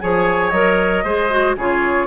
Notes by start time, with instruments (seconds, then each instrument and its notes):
0.00 bassoon F3, clarinet G#4, oboe C#5, flute G#5
0.50 bassoon F#3, clarinet A#4, flute D#5
1.04 bassoon G#3, clarinet G#4, oboe C5
1.30 clarinet F#4
1.56 bassoon C#3, clarinet F4, oboe G#4, flute C#5